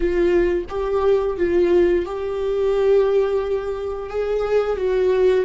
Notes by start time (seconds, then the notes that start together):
0.00 F4
0.69 G4
1.37 F4
2.05 G4
4.09 G#4
4.76 F#4